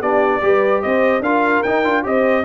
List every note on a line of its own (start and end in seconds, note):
0.00 0.41 B3
0.00 0.41 D4
0.00 0.41 G4
0.00 0.82 D5
0.41 0.82 G3
0.41 1.22 G4
0.41 0.83 B4
0.82 1.20 C4
0.82 1.22 C5
0.82 1.23 D#5
1.20 1.61 D4
1.20 1.65 F4
1.20 2.03 A#4
1.20 1.63 F5
1.63 1.84 D#4
1.63 1.85 D#4
1.63 2.03 G5
1.84 2.04 D4
1.84 2.03 F4
2.03 2.45 C4
2.03 2.44 G4
2.03 2.45 C5
2.03 2.45 D#5